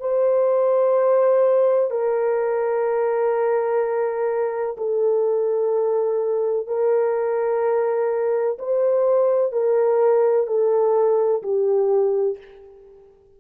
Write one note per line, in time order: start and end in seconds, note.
0.00 1.90 C5
1.90 4.76 A#4
4.77 6.67 A4
6.67 8.58 A#4
8.58 9.52 C5
9.52 10.47 A#4
10.47 11.42 A4
11.42 12.38 G4